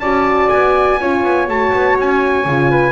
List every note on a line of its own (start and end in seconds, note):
0.00 0.49 C#4
0.00 1.01 F#4
0.00 0.99 D5
0.00 0.49 A5
0.49 1.01 B3
0.49 1.47 G#5
1.00 1.23 C#4
1.00 1.48 F4
1.00 2.71 C#5
1.23 1.48 B3
1.48 1.72 A3
1.48 2.47 F#4
1.48 1.98 A5
1.73 1.98 B3
1.98 2.45 C#4
1.98 2.92 G#5
2.45 2.92 C#3
2.45 2.92 F4
2.71 2.92 B4